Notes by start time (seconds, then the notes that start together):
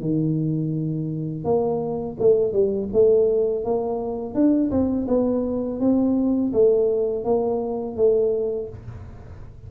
0.00 D#3
1.44 A#3
2.19 A3
2.52 G3
2.93 A3
3.64 A#3
4.34 D4
4.71 C4
5.07 B3
5.80 C4
6.53 A3
7.24 A#3
7.96 A3